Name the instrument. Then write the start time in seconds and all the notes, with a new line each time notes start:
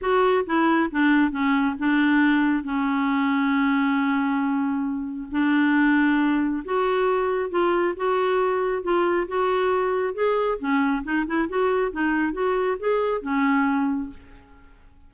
clarinet
0.01 F#4
0.46 E4
0.91 D4
1.31 C#4
1.78 D4
2.63 C#4
5.31 D4
6.64 F#4
7.50 F4
7.96 F#4
8.82 F4
9.27 F#4
10.14 G#4
10.58 C#4
11.03 D#4
11.26 E4
11.48 F#4
11.91 D#4
12.32 F#4
12.79 G#4
13.21 C#4